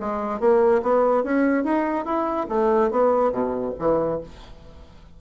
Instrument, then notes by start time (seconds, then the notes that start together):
bassoon
0.00 G#3
0.40 A#3
0.82 B3
1.23 C#4
1.64 D#4
2.05 E4
2.49 A3
2.91 B3
3.32 B2
3.78 E3